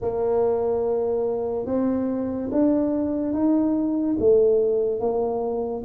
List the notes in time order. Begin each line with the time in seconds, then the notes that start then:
0.01 A#3
1.66 C4
2.52 D4
3.33 D#4
4.19 A3
5.00 A#3